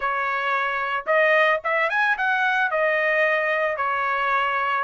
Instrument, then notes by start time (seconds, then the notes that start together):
trumpet
0.00 C#5
1.06 D#5
1.64 E5
1.89 G#5
2.17 F#5
2.71 D#5
3.77 C#5